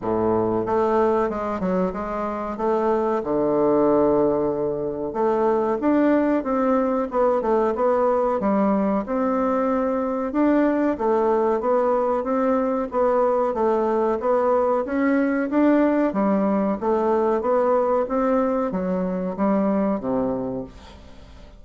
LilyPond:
\new Staff \with { instrumentName = "bassoon" } { \time 4/4 \tempo 4 = 93 a,4 a4 gis8 fis8 gis4 | a4 d2. | a4 d'4 c'4 b8 a8 | b4 g4 c'2 |
d'4 a4 b4 c'4 | b4 a4 b4 cis'4 | d'4 g4 a4 b4 | c'4 fis4 g4 c4 | }